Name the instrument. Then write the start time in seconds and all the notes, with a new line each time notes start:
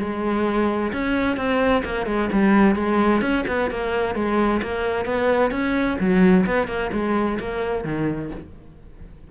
cello
0.00 G#3
0.93 C#4
1.37 C4
1.85 A#3
2.06 G#3
2.32 G3
2.75 G#3
3.21 C#4
3.48 B3
3.71 A#3
4.15 G#3
4.62 A#3
5.06 B3
5.51 C#4
6.00 F#3
6.46 B3
6.68 A#3
6.93 G#3
7.39 A#3
7.84 D#3